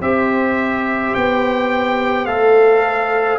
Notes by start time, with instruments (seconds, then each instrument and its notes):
0.00 tuba C4, trombone G4, horn C5, trumpet E5
1.15 tuba B3, trumpet G5
2.25 tuba A3, trombone A4, trumpet F5